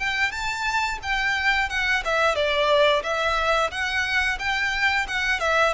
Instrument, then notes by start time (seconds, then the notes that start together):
violin
0.00 G5
0.32 A5
1.03 G5
1.70 F#5
2.05 E5
2.36 D5
3.04 E5
3.71 F#5
4.39 G5
5.08 F#5
5.40 E5